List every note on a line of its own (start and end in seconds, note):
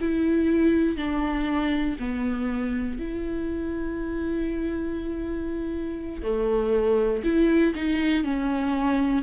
0.00 0.97 E4
0.97 1.97 D4
2.00 3.00 B3
3.00 6.23 E4
6.23 7.23 A3
7.24 7.74 E4
7.75 8.24 D#4
8.24 9.23 C#4